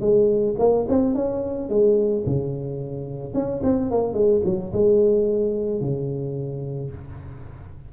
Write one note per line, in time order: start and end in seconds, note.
0.00 0.55 G#3
0.59 0.86 A#3
0.89 1.14 C4
1.14 1.69 C#4
1.69 2.24 G#3
2.26 3.34 C#3
3.34 3.61 C#4
3.63 3.90 C4
3.90 4.13 A#3
4.13 4.41 G#3
4.45 4.72 F#3
4.73 5.80 G#3
5.80 6.91 C#3